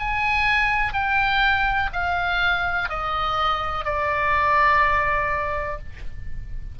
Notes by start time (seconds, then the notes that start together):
0.00 G#5
0.93 G5
1.93 F5
2.89 D#5
3.85 D5